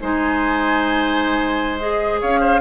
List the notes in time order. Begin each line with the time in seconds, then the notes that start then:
0.00 G#3 D#4 C5 G#5
1.79 G#4 D#5
2.21 C#4 C#5 F5
2.40 C5